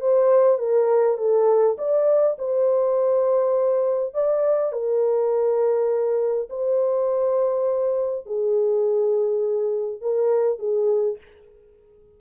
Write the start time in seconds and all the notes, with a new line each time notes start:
0.00 C5
0.58 A#4
1.17 A4
1.78 D5
2.38 C5
4.14 D5
4.72 A#4
6.49 C5
8.26 G#4
10.01 A#4
10.59 G#4